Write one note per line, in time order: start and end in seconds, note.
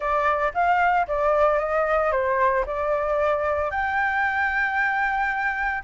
0.00 0.52 D5
0.53 1.06 F5
1.07 1.59 D5
1.59 2.11 D#5
2.11 2.64 C5
2.66 3.70 D5
3.70 5.83 G5